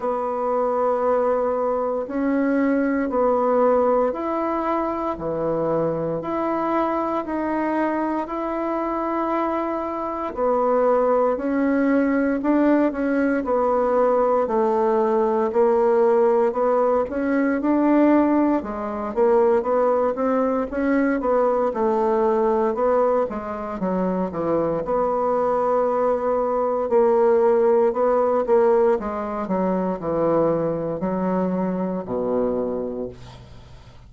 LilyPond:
\new Staff \with { instrumentName = "bassoon" } { \time 4/4 \tempo 4 = 58 b2 cis'4 b4 | e'4 e4 e'4 dis'4 | e'2 b4 cis'4 | d'8 cis'8 b4 a4 ais4 |
b8 cis'8 d'4 gis8 ais8 b8 c'8 | cis'8 b8 a4 b8 gis8 fis8 e8 | b2 ais4 b8 ais8 | gis8 fis8 e4 fis4 b,4 | }